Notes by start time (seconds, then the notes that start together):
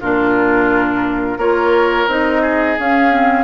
0.00 A#2 D4 F4 A#4
1.37 A#3 F4 A#4 C#5
2.07 C4 D#4 D#5
2.42 G#4
2.79 C#4 F5
3.10 C4